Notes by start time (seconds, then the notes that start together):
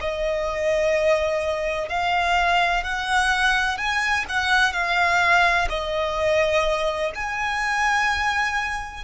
0.00 D#5
1.88 F5
2.84 F#5
3.77 G#5
4.29 F#5
4.72 F5
5.69 D#5
7.14 G#5